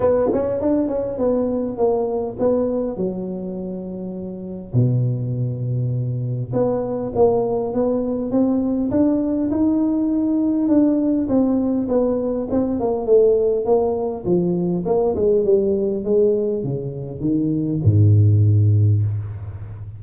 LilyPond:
\new Staff \with { instrumentName = "tuba" } { \time 4/4 \tempo 4 = 101 b8 cis'8 d'8 cis'8 b4 ais4 | b4 fis2. | b,2. b4 | ais4 b4 c'4 d'4 |
dis'2 d'4 c'4 | b4 c'8 ais8 a4 ais4 | f4 ais8 gis8 g4 gis4 | cis4 dis4 gis,2 | }